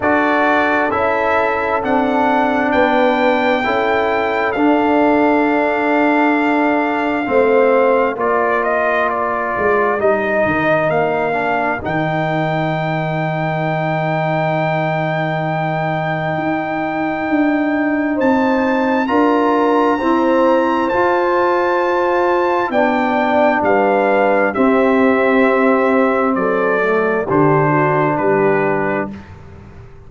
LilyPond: <<
  \new Staff \with { instrumentName = "trumpet" } { \time 4/4 \tempo 4 = 66 d''4 e''4 fis''4 g''4~ | g''4 f''2.~ | f''4 d''8 dis''8 d''4 dis''4 | f''4 g''2.~ |
g''1 | a''4 ais''2 a''4~ | a''4 g''4 f''4 e''4~ | e''4 d''4 c''4 b'4 | }
  \new Staff \with { instrumentName = "horn" } { \time 4/4 a'2. b'4 | a'1 | c''4 ais'2.~ | ais'1~ |
ais'1 | c''4 ais'4 c''2~ | c''4 d''4 b'4 g'4~ | g'4 a'4 g'8 fis'8 g'4 | }
  \new Staff \with { instrumentName = "trombone" } { \time 4/4 fis'4 e'4 d'2 | e'4 d'2. | c'4 f'2 dis'4~ | dis'8 d'8 dis'2.~ |
dis'1~ | dis'4 f'4 c'4 f'4~ | f'4 d'2 c'4~ | c'4. a8 d'2 | }
  \new Staff \with { instrumentName = "tuba" } { \time 4/4 d'4 cis'4 c'4 b4 | cis'4 d'2. | a4 ais4. gis8 g8 dis8 | ais4 dis2.~ |
dis2 dis'4 d'4 | c'4 d'4 e'4 f'4~ | f'4 b4 g4 c'4~ | c'4 fis4 d4 g4 | }
>>